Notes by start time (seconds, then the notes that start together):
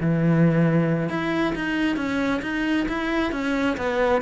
0.00 E3
1.09 E4
1.55 D#4
1.96 C#4
2.42 D#4
2.88 E4
3.32 C#4
3.77 B3